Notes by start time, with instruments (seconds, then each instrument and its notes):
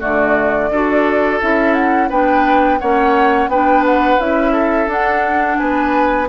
0.00 bassoon D3, clarinet A3, oboe F#4, flute D5
0.70 bassoon D4, clarinet F#4, oboe A4
1.41 bassoon C#4, clarinet E4, flute E5
1.74 flute F#5
2.09 bassoon B3, clarinet D4, oboe B4, flute G5
2.80 bassoon A#3, clarinet C#4, oboe C#5, flute F#5
3.48 bassoon B3, clarinet D4, oboe B4, flute G5
3.86 flute F#5
4.20 bassoon C#4, clarinet E4, flute E5
4.53 oboe A4
4.87 bassoon D4, clarinet D4, flute F#5
5.58 bassoon B3, oboe B4, flute G#5